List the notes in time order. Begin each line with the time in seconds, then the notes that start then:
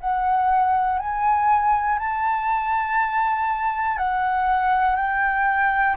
0.00 F#5
0.99 G#5
1.99 A5
3.98 F#5
4.96 G5